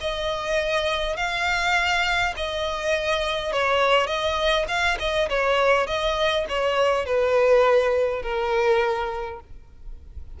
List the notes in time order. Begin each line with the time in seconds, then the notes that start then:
0.00 D#5
1.16 F5
2.36 D#5
3.52 C#5
4.07 D#5
4.68 F5
4.99 D#5
5.29 C#5
5.86 D#5
6.49 C#5
7.05 B4
8.22 A#4